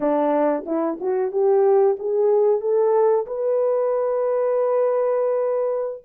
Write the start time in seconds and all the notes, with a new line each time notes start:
0.00 D4
0.66 E4
1.00 F#4
1.31 G4
1.99 G#4
2.60 A4
3.26 B4